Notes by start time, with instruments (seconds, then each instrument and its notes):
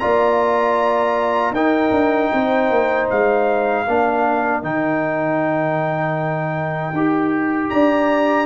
0.00 tuba A#3, trombone F4, horn D5, trumpet A#5
1.51 tuba D#4, trombone D#4, horn A#4, trumpet G5
1.92 tuba D4
2.33 tuba C4, horn C5
2.70 tuba A#3
3.10 tuba G#3, trumpet F5
3.87 tuba A#3, trombone D4, horn A#4
4.63 tuba D#3, trombone D#4, trumpet G5
6.93 tuba D#4, trombone G4
7.70 tuba D4, horn D5, trumpet A#5